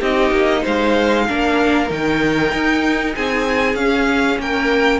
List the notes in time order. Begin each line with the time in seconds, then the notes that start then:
0.00 C4 D#4 G4 D#5
0.31 A#3
0.61 G#3 C5 F5
1.27 A#3 D4 A#4
1.87 D#3 D#4 G5
2.53 D#4
3.15 C4 G#4 G#5
3.74 C#4 F5
4.39 A#3 A#4 G5